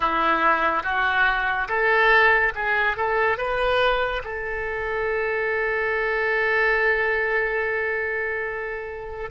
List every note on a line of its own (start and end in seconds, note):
0.00 0.83 E4
0.83 1.67 F#4
1.68 2.52 A4
2.55 2.97 G#4
2.97 3.37 A4
3.37 4.22 B4
4.24 9.30 A4